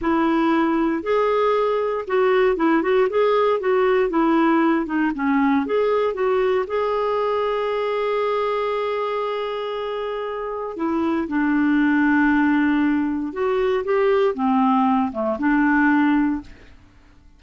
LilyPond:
\new Staff \with { instrumentName = "clarinet" } { \time 4/4 \tempo 4 = 117 e'2 gis'2 | fis'4 e'8 fis'8 gis'4 fis'4 | e'4. dis'8 cis'4 gis'4 | fis'4 gis'2.~ |
gis'1~ | gis'4 e'4 d'2~ | d'2 fis'4 g'4 | c'4. a8 d'2 | }